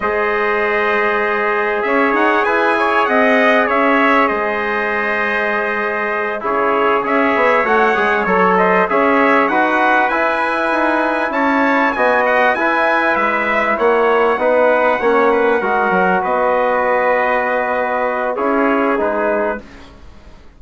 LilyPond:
<<
  \new Staff \with { instrumentName = "trumpet" } { \time 4/4 \tempo 4 = 98 dis''2. e''8 fis''8 | gis''4 fis''4 e''4 dis''4~ | dis''2~ dis''8 cis''4 e''8~ | e''8 fis''4 cis''8 dis''8 e''4 fis''8~ |
fis''8 gis''2 a''4 gis''8 | fis''8 gis''4 e''4 fis''4.~ | fis''2~ fis''8 dis''4.~ | dis''2 cis''4 b'4 | }
  \new Staff \with { instrumentName = "trumpet" } { \time 4/4 c''2. cis''4 | b'8 cis''8 dis''4 cis''4 c''4~ | c''2~ c''8 gis'4 cis''8~ | cis''2 c''8 cis''4 b'8~ |
b'2~ b'8 cis''4 dis''8~ | dis''8 b'2 cis''4 b'8~ | b'8 cis''8 b'8 ais'4 b'4.~ | b'2 gis'2 | }
  \new Staff \with { instrumentName = "trombone" } { \time 4/4 gis'1~ | gis'1~ | gis'2~ gis'8 e'4 gis'8~ | gis'8 fis'8 gis'8 a'4 gis'4 fis'8~ |
fis'8 e'2. fis'8~ | fis'8 e'2. dis'8~ | dis'8 cis'4 fis'2~ fis'8~ | fis'2 e'4 dis'4 | }
  \new Staff \with { instrumentName = "bassoon" } { \time 4/4 gis2. cis'8 dis'8 | e'4 c'4 cis'4 gis4~ | gis2~ gis8 cis4 cis'8 | b8 a8 gis8 fis4 cis'4 dis'8~ |
dis'8 e'4 dis'4 cis'4 b8~ | b8 e'4 gis4 ais4 b8~ | b8 ais4 gis8 fis8 b4.~ | b2 cis'4 gis4 | }
>>